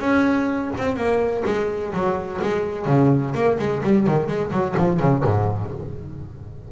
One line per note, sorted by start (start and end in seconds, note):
0.00 0.71 C#4
0.78 0.96 C4
0.96 1.44 A#3
1.46 1.93 G#3
1.93 2.41 F#3
2.42 2.86 G#3
2.86 3.33 C#3
3.35 3.58 A#3
3.59 3.82 G#3
3.84 4.07 G3
4.07 4.28 D#3
4.28 4.51 G#3
4.52 4.75 F#3
4.78 5.00 F3
5.00 5.24 C#3
5.24 5.72 G#2